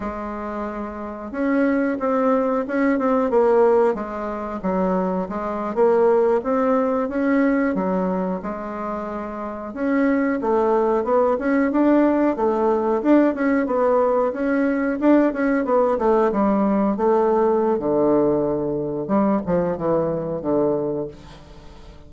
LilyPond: \new Staff \with { instrumentName = "bassoon" } { \time 4/4 \tempo 4 = 91 gis2 cis'4 c'4 | cis'8 c'8 ais4 gis4 fis4 | gis8. ais4 c'4 cis'4 fis16~ | fis8. gis2 cis'4 a16~ |
a8. b8 cis'8 d'4 a4 d'16~ | d'16 cis'8 b4 cis'4 d'8 cis'8 b16~ | b16 a8 g4 a4~ a16 d4~ | d4 g8 f8 e4 d4 | }